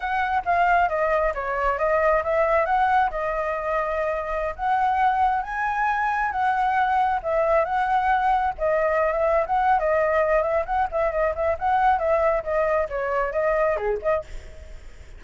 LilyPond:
\new Staff \with { instrumentName = "flute" } { \time 4/4 \tempo 4 = 135 fis''4 f''4 dis''4 cis''4 | dis''4 e''4 fis''4 dis''4~ | dis''2~ dis''16 fis''4.~ fis''16~ | fis''16 gis''2 fis''4.~ fis''16~ |
fis''16 e''4 fis''2 dis''8.~ | dis''8 e''8. fis''8. dis''4. e''8 | fis''8 e''8 dis''8 e''8 fis''4 e''4 | dis''4 cis''4 dis''4 gis'8 dis''8 | }